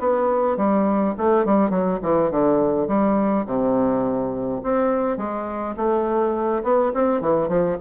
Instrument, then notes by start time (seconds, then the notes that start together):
bassoon
0.00 B3
0.57 G3
1.18 A3
1.46 G3
1.70 F#3
2.03 E3
2.31 D3
2.88 G3
3.46 C3
4.63 C4
5.18 G#3
5.77 A3
6.64 B3
6.94 C4
7.21 E3
7.49 F3